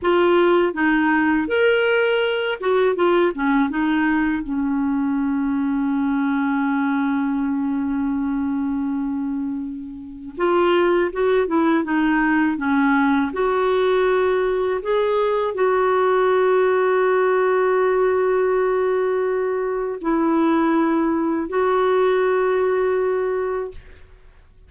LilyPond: \new Staff \with { instrumentName = "clarinet" } { \time 4/4 \tempo 4 = 81 f'4 dis'4 ais'4. fis'8 | f'8 cis'8 dis'4 cis'2~ | cis'1~ | cis'2 f'4 fis'8 e'8 |
dis'4 cis'4 fis'2 | gis'4 fis'2.~ | fis'2. e'4~ | e'4 fis'2. | }